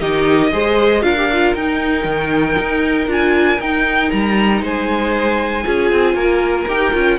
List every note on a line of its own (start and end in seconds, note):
0.00 0.52 D#3
0.00 0.52 D#4
0.00 0.51 G4
0.00 1.03 D#5
0.52 1.03 G#3
0.52 1.02 G#4
0.52 1.04 C5
1.02 1.54 D4
1.02 1.15 F4
1.02 4.62 A#4
1.02 1.54 F5
1.18 1.30 G4
1.32 1.57 F4
1.54 2.04 D#4
1.54 3.07 D#4
1.54 3.08 G5
2.04 2.55 D#3
2.59 3.07 D#4
3.07 3.58 D4
3.07 3.58 F4
3.07 3.61 G#5
3.60 4.11 D#4
3.60 5.63 D#4
3.60 4.10 G5
4.10 4.62 G3
4.10 4.61 A#5
4.62 5.64 G#3
4.62 5.64 C5
4.62 6.68 G#5
5.63 5.92 C#4
5.63 6.66 F4
5.63 6.15 G#4
5.92 6.14 C4
6.14 6.65 A#3
6.14 7.17 A#4
6.67 6.93 D#4
6.67 6.93 G4
6.67 7.18 G5
6.93 7.18 C#4
6.93 7.18 F4